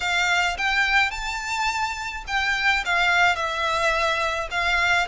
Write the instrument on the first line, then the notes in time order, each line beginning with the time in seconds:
violin
0.00 F5
0.57 G5
1.10 A5
2.27 G5
2.85 F5
3.35 E5
4.50 F5